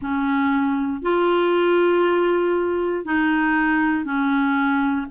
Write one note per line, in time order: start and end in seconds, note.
0.01 1.02 C#4
1.02 3.04 F4
3.04 4.04 D#4
4.04 5.06 C#4